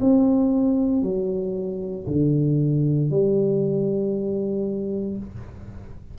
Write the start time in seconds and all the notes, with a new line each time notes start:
0.00 C4
1.02 F#3
2.07 D3
3.10 G3